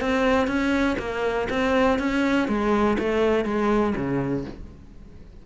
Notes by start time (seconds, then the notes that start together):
0.00 C4
0.47 C#4
0.99 A#3
1.49 C4
1.99 C#4
2.47 G#3
2.98 A3
3.44 G#3
3.95 C#3